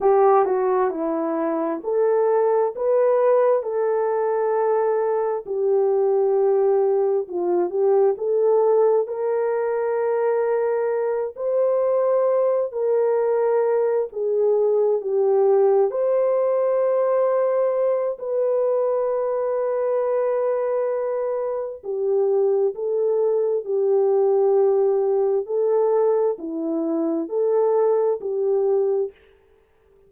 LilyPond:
\new Staff \with { instrumentName = "horn" } { \time 4/4 \tempo 4 = 66 g'8 fis'8 e'4 a'4 b'4 | a'2 g'2 | f'8 g'8 a'4 ais'2~ | ais'8 c''4. ais'4. gis'8~ |
gis'8 g'4 c''2~ c''8 | b'1 | g'4 a'4 g'2 | a'4 e'4 a'4 g'4 | }